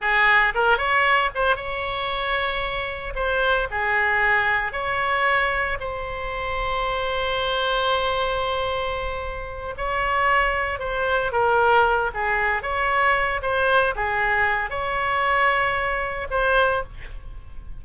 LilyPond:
\new Staff \with { instrumentName = "oboe" } { \time 4/4 \tempo 4 = 114 gis'4 ais'8 cis''4 c''8 cis''4~ | cis''2 c''4 gis'4~ | gis'4 cis''2 c''4~ | c''1~ |
c''2~ c''8 cis''4.~ | cis''8 c''4 ais'4. gis'4 | cis''4. c''4 gis'4. | cis''2. c''4 | }